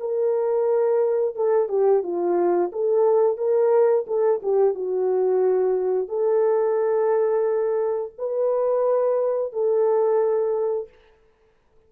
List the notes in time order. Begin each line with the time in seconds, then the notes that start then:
0.00 A#4
1.35 A4
1.69 G4
2.03 F4
2.72 A4
3.37 A#4
4.07 A4
4.43 G4
4.75 F#4
6.08 A4
8.18 B4
9.53 A4